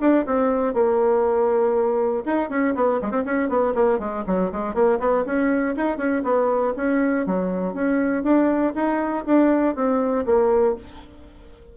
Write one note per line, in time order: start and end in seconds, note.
0.00 0.25 D4
0.26 0.74 C4
0.74 2.24 A#3
2.25 2.49 D#4
2.49 2.74 C#4
2.75 3.00 B3
3.02 3.11 G#3
3.11 3.23 C4
3.25 3.49 C#4
3.49 3.74 B3
3.75 3.99 A#3
3.99 4.24 G#3
4.26 4.51 F#3
4.52 4.74 G#3
4.74 4.99 A#3
4.99 5.24 B3
5.25 5.75 C#4
5.76 5.97 D#4
5.97 6.22 C#4
6.23 6.73 B3
6.77 7.26 C#4
7.26 7.74 F#3
7.74 8.23 C#4
8.23 8.73 D4
8.75 9.25 D#4
9.26 9.75 D4
9.75 10.25 C4
10.25 10.75 A#3